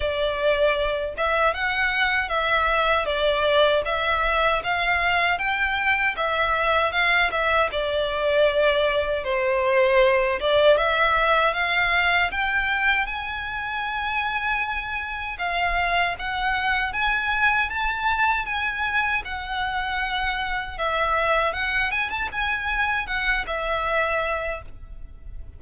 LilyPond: \new Staff \with { instrumentName = "violin" } { \time 4/4 \tempo 4 = 78 d''4. e''8 fis''4 e''4 | d''4 e''4 f''4 g''4 | e''4 f''8 e''8 d''2 | c''4. d''8 e''4 f''4 |
g''4 gis''2. | f''4 fis''4 gis''4 a''4 | gis''4 fis''2 e''4 | fis''8 gis''16 a''16 gis''4 fis''8 e''4. | }